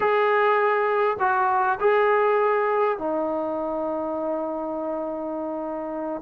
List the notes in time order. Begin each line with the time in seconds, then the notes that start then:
0.00 G#4
1.19 F#4
1.80 G#4
2.98 D#4